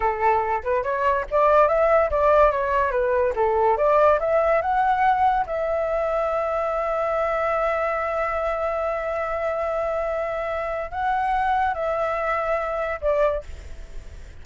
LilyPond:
\new Staff \with { instrumentName = "flute" } { \time 4/4 \tempo 4 = 143 a'4. b'8 cis''4 d''4 | e''4 d''4 cis''4 b'4 | a'4 d''4 e''4 fis''4~ | fis''4 e''2.~ |
e''1~ | e''1~ | e''2 fis''2 | e''2. d''4 | }